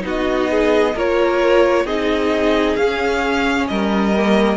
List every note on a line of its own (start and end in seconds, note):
0.00 0.94 B3
0.00 0.91 D#4
0.00 0.51 F#4
0.08 0.98 D#5
0.51 0.95 G#4
0.95 1.84 A#3
0.95 1.87 F4
0.95 1.85 A#4
0.95 1.87 C#5
1.84 2.75 C4
1.84 2.77 D#4
1.84 3.67 G#4
1.84 2.76 D#5
2.76 3.68 C#4
2.76 4.14 C#4
2.76 3.67 F5
3.67 4.57 G3
3.67 4.57 A#4
3.67 4.57 D#5
4.17 4.57 A#3